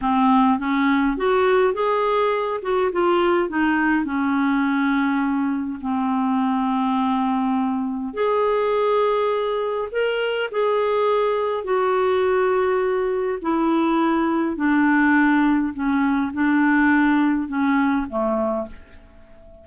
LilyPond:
\new Staff \with { instrumentName = "clarinet" } { \time 4/4 \tempo 4 = 103 c'4 cis'4 fis'4 gis'4~ | gis'8 fis'8 f'4 dis'4 cis'4~ | cis'2 c'2~ | c'2 gis'2~ |
gis'4 ais'4 gis'2 | fis'2. e'4~ | e'4 d'2 cis'4 | d'2 cis'4 a4 | }